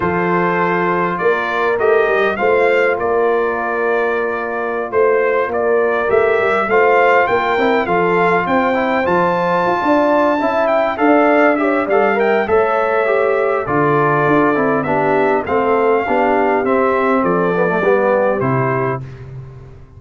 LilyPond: <<
  \new Staff \with { instrumentName = "trumpet" } { \time 4/4 \tempo 4 = 101 c''2 d''4 dis''4 | f''4 d''2.~ | d''16 c''4 d''4 e''4 f''8.~ | f''16 g''4 f''4 g''4 a''8.~ |
a''2 g''8 f''4 e''8 | f''8 g''8 e''2 d''4~ | d''4 e''4 f''2 | e''4 d''2 c''4 | }
  \new Staff \with { instrumentName = "horn" } { \time 4/4 a'2 ais'2 | c''4 ais'2.~ | ais'16 c''4 ais'2 c''8.~ | c''16 ais'4 a'4 c''4.~ c''16~ |
c''8 d''4 e''4 d''4 cis''8 | d''8 e''8 cis''2 a'4~ | a'4 g'4 a'4 g'4~ | g'4 a'4 g'2 | }
  \new Staff \with { instrumentName = "trombone" } { \time 4/4 f'2. g'4 | f'1~ | f'2~ f'16 g'4 f'8.~ | f'8. e'8 f'4. e'8 f'8.~ |
f'4. e'4 a'4 g'8 | a'8 ais'8 a'4 g'4 f'4~ | f'8 e'8 d'4 c'4 d'4 | c'4. b16 a16 b4 e'4 | }
  \new Staff \with { instrumentName = "tuba" } { \time 4/4 f2 ais4 a8 g8 | a4 ais2.~ | ais16 a4 ais4 a8 g8 a8.~ | a16 ais8 c'8 f4 c'4 f8.~ |
f16 f'16 d'4 cis'4 d'4. | g4 a2 d4 | d'8 c'8 b4 a4 b4 | c'4 f4 g4 c4 | }
>>